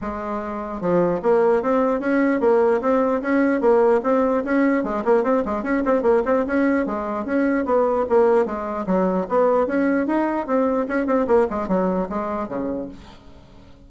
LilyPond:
\new Staff \with { instrumentName = "bassoon" } { \time 4/4 \tempo 4 = 149 gis2 f4 ais4 | c'4 cis'4 ais4 c'4 | cis'4 ais4 c'4 cis'4 | gis8 ais8 c'8 gis8 cis'8 c'8 ais8 c'8 |
cis'4 gis4 cis'4 b4 | ais4 gis4 fis4 b4 | cis'4 dis'4 c'4 cis'8 c'8 | ais8 gis8 fis4 gis4 cis4 | }